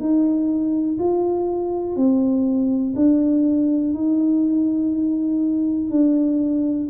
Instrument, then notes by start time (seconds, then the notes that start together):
tuba
0.00 D#4
0.99 F4
1.96 C4
2.96 D4
3.94 D#4
5.91 D4